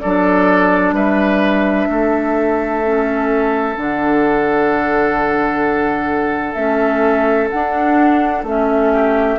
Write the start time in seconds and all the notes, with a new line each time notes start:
0.00 F#3 D4 A4 D5
0.92 G3 B4 E5
1.88 A3 A4
2.84 C#4
3.75 D3 D4 F#5
6.54 A3 C#4 E5
7.50 D4 F#5
8.43 A3 C#4 E5
8.93 G4